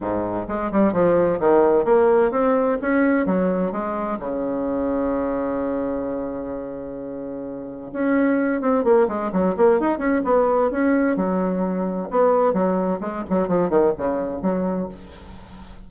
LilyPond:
\new Staff \with { instrumentName = "bassoon" } { \time 4/4 \tempo 4 = 129 gis,4 gis8 g8 f4 dis4 | ais4 c'4 cis'4 fis4 | gis4 cis2.~ | cis1~ |
cis4 cis'4. c'8 ais8 gis8 | fis8 ais8 dis'8 cis'8 b4 cis'4 | fis2 b4 fis4 | gis8 fis8 f8 dis8 cis4 fis4 | }